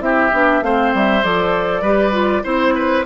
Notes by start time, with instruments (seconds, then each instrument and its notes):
0.00 bassoon C4, clarinet E4, oboe G4, flute E5
0.33 bassoon B3, clarinet D4
0.62 bassoon A3, clarinet C4, oboe C5, flute F5
0.94 bassoon G3, flute E5
1.23 bassoon F3, clarinet A4, flute D5
1.82 bassoon G3, clarinet G4, oboe B4
2.12 clarinet F4
2.44 bassoon C4, clarinet E4, oboe C5, flute C5
2.75 oboe B4